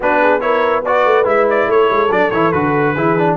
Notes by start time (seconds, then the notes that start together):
0.00 B3 D4 F#4 B4
0.21 G#4
0.40 E4 A#4 C#5
0.85 F#4 B4 D5
1.05 A3
1.24 G#3 E4 E5
1.49 D5
1.67 A3 A4 C#5
1.90 G#3
2.10 F#3 D4 D5
2.30 E3 E4 C#5
2.52 D3 F#4 B4
2.94 E3 E4 G#4
3.18 D4